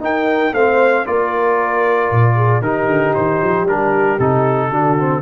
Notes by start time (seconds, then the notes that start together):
0.00 D#4 A#4 G5
0.53 A3 C4 C5 F5
1.06 A#3 F4 A#4 D5
2.11 A#2
2.35 G#4
2.61 D#3 D#4 G4 A#4
2.87 D3
3.15 D#3 C5
3.42 F3
3.63 G3 D4 A#4
4.19 C3 D#4 A4
4.69 D3 D4 F#4
4.99 C4